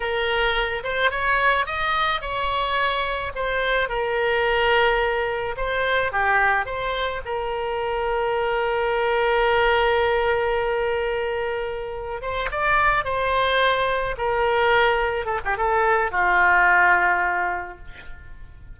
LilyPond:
\new Staff \with { instrumentName = "oboe" } { \time 4/4 \tempo 4 = 108 ais'4. c''8 cis''4 dis''4 | cis''2 c''4 ais'4~ | ais'2 c''4 g'4 | c''4 ais'2.~ |
ais'1~ | ais'2 c''8 d''4 c''8~ | c''4. ais'2 a'16 g'16 | a'4 f'2. | }